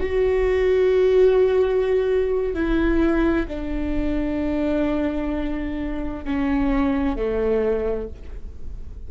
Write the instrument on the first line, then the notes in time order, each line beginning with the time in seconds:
viola
0.00 F#4
2.54 E4
3.48 D4
6.25 C#4
7.16 A3